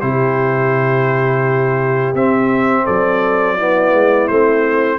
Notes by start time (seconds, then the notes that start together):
0.00 C3 E4 G4 C5
2.14 C4 E5
2.84 F#3 A4 D5
3.56 B3 E4
3.92 G#3
4.27 A3 C4 C5